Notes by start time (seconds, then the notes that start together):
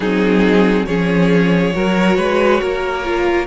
0.00 F#3 C4 D#4 G#4
0.86 F3 C#4 G#4 C#5
1.72 F#3 F#4 A#4
2.16 G#3 B4
2.60 A#3 A#4
3.04 F4